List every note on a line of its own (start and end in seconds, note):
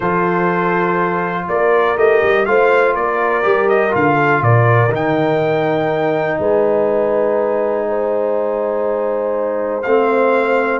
0.00 1.47 F3
0.00 1.97 F4
0.00 1.44 A4
0.00 1.48 C5
1.48 1.96 A#3
1.48 2.49 A#4
1.48 1.97 D5
1.96 2.21 A3
1.96 2.46 G4
1.96 2.45 D#5
2.22 2.46 G3
2.45 2.95 A3
2.45 3.42 F4
2.45 2.93 C5
2.45 2.95 F5
2.93 3.44 A#3
2.93 4.15 A#4
2.93 3.69 D5
3.42 3.94 G3
3.42 3.90 G4
3.69 3.93 D#5
3.90 4.41 D3
3.90 4.88 F4
3.90 4.43 F5
4.15 4.39 A4
4.41 4.90 A#2
4.41 6.39 A#4
4.41 4.92 D5
4.90 6.37 D#3
4.90 9.82 D#4
4.90 6.40 G5
6.38 9.82 G#3
6.38 7.86 B4
6.38 9.82 G#5
7.88 10.80 C5
9.82 10.80 A3
9.82 10.80 C4
9.82 10.80 F5